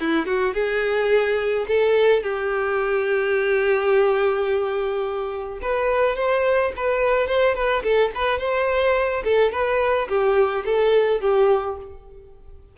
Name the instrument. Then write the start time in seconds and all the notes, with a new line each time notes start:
violin
0.00 E4
0.26 F#4
0.54 G#4
1.68 A4
2.23 G4
5.62 B4
6.16 C5
6.76 B4
7.28 C5
7.55 B4
7.84 A4
8.15 B4
8.39 C5
9.24 A4
9.52 B4
10.09 G4
10.65 A4
11.21 G4